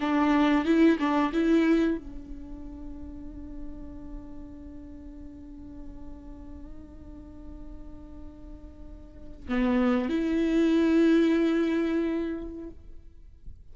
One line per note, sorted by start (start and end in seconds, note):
0.00 0.65 D4
0.65 0.98 E4
0.99 1.32 D4
1.33 1.97 E4
1.97 9.47 D4
9.48 10.08 B3
10.08 12.69 E4